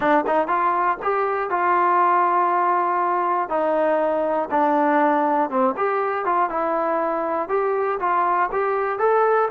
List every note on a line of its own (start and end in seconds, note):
0.00 0.25 D4
0.27 0.47 D#4
0.47 0.97 F4
1.02 1.50 G4
1.50 3.49 F4
3.49 4.49 D#4
4.50 5.50 D4
5.50 5.75 C4
5.76 6.25 G4
6.25 6.49 F4
6.49 7.48 E4
7.48 7.98 G4
7.99 8.49 F4
8.52 8.98 G4
8.98 9.48 A4